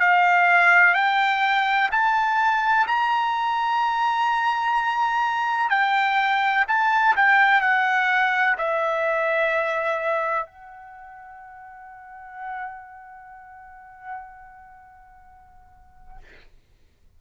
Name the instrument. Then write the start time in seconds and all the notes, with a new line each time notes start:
trumpet
0.00 F5
0.94 G5
1.91 A5
2.87 A#5
5.70 G5
6.68 A5
7.16 G5
7.61 F#5
8.58 E5
10.46 F#5